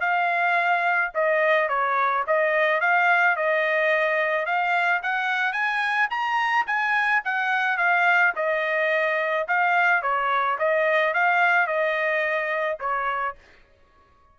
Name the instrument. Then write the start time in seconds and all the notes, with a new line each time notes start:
trumpet
0.00 F5
1.14 D#5
1.68 C#5
2.27 D#5
2.81 F5
3.36 D#5
4.45 F5
5.02 F#5
5.52 G#5
6.10 A#5
6.66 G#5
7.24 F#5
7.77 F5
8.36 D#5
9.47 F5
10.02 C#5
10.58 D#5
11.14 F5
11.67 D#5
12.80 C#5